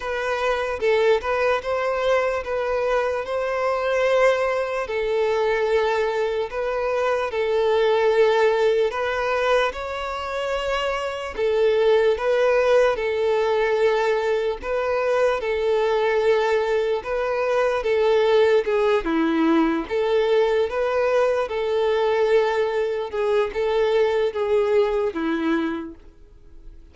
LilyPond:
\new Staff \with { instrumentName = "violin" } { \time 4/4 \tempo 4 = 74 b'4 a'8 b'8 c''4 b'4 | c''2 a'2 | b'4 a'2 b'4 | cis''2 a'4 b'4 |
a'2 b'4 a'4~ | a'4 b'4 a'4 gis'8 e'8~ | e'8 a'4 b'4 a'4.~ | a'8 gis'8 a'4 gis'4 e'4 | }